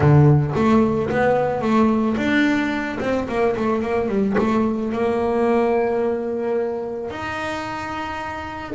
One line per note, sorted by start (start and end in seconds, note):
0.00 0.53 D3
0.55 1.09 A3
1.10 1.61 B3
1.61 2.16 A3
2.16 2.98 D4
3.00 3.27 C4
3.28 3.55 A#3
3.56 3.82 A3
3.82 4.08 A#3
4.08 4.35 G3
4.38 4.92 A3
4.92 7.10 A#3
7.10 8.74 D#4